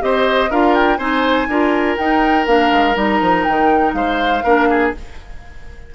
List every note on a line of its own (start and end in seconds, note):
0.00 0.50 C4
0.00 0.49 G4
0.00 0.50 C5
0.00 0.51 D#5
0.50 0.98 D4
0.50 0.98 F4
0.50 0.98 A#4
0.50 0.75 F5
0.75 0.97 G5
0.97 1.47 C4
0.97 1.48 D#4
0.97 1.47 C5
0.97 1.96 G#5
1.47 1.97 D4
1.47 1.98 F4
1.47 3.95 A#4
1.97 2.47 D#4
1.97 2.46 D#4
1.97 2.46 G5
2.46 2.71 A#3
2.46 2.94 D4
2.46 2.96 F5
2.72 2.96 G#3
2.94 3.20 G3
2.94 4.42 D#4
2.94 3.44 A#5
3.20 3.45 F3
3.44 3.93 D#3
3.44 3.93 G5
3.93 4.42 G#3
3.93 4.44 C5
3.93 4.91 F5
4.44 4.93 A#3
4.44 4.94 D4
4.44 4.68 A#4
4.69 4.94 G#4